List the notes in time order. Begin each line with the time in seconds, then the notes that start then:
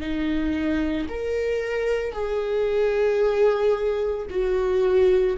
0.00 D#4
1.09 A#4
2.12 G#4
4.30 F#4